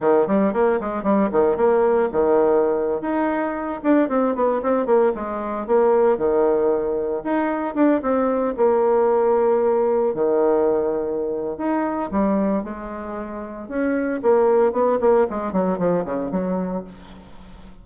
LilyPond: \new Staff \with { instrumentName = "bassoon" } { \time 4/4 \tempo 4 = 114 dis8 g8 ais8 gis8 g8 dis8 ais4 | dis4.~ dis16 dis'4. d'8 c'16~ | c'16 b8 c'8 ais8 gis4 ais4 dis16~ | dis4.~ dis16 dis'4 d'8 c'8.~ |
c'16 ais2. dis8.~ | dis2 dis'4 g4 | gis2 cis'4 ais4 | b8 ais8 gis8 fis8 f8 cis8 fis4 | }